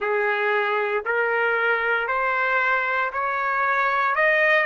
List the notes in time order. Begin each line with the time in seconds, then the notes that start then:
0.00 G#4
1.05 A#4
2.07 C5
3.13 C#5
4.15 D#5